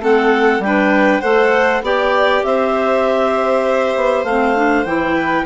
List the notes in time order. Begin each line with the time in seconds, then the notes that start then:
0.00 A3 C4 A4 F#5
0.59 G3 D4 G5
0.66 B4
1.21 A3 A4 C5 F#5
1.82 B3 G4 D5 G5
2.44 C4 C5 E5
3.96 B3
4.24 A3 C4 F5
4.56 D4
4.85 E3 E4 G5
5.15 B4